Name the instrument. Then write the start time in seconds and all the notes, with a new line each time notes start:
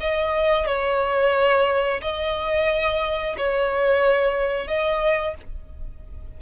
violin
0.00 D#5
0.66 C#5
2.01 D#5
3.37 C#5
4.67 D#5